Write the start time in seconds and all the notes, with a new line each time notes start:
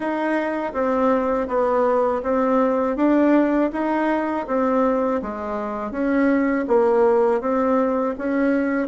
0.00 D#4
0.73 C4
1.47 B3
2.22 C4
2.96 D4
3.72 D#4
4.46 C4
5.22 G#3
5.91 C#4
6.67 A#3
7.40 C4
8.18 C#4